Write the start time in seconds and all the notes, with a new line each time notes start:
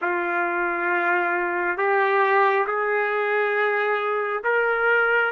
0.01 F4
1.77 G4
2.66 G#4
4.44 A#4